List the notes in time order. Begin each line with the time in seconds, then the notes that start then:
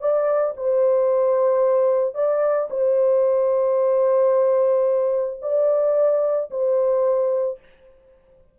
0.00 D5
0.57 C5
2.14 D5
2.70 C5
5.42 D5
6.51 C5